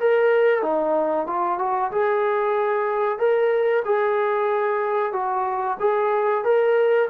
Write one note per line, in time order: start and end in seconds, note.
0.00 0.63 A#4
0.63 1.27 D#4
1.27 1.59 F4
1.59 1.91 F#4
1.91 3.19 G#4
3.19 3.83 A#4
3.85 5.13 G#4
5.13 5.78 F#4
5.80 6.45 G#4
6.45 7.09 A#4